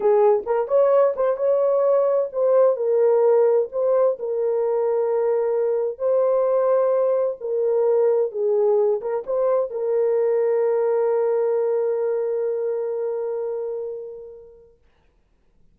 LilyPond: \new Staff \with { instrumentName = "horn" } { \time 4/4 \tempo 4 = 130 gis'4 ais'8 cis''4 c''8 cis''4~ | cis''4 c''4 ais'2 | c''4 ais'2.~ | ais'4 c''2. |
ais'2 gis'4. ais'8 | c''4 ais'2.~ | ais'1~ | ais'1 | }